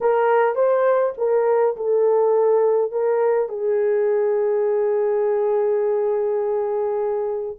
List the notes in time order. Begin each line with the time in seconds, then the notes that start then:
0.00 A#4
0.55 C5
1.17 A#4
1.76 A4
2.91 A#4
3.48 G#4